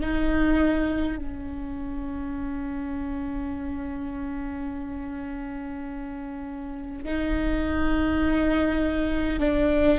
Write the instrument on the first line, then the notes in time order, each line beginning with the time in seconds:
viola
0.00 D#4
1.18 C#4
7.05 D#4
9.39 D4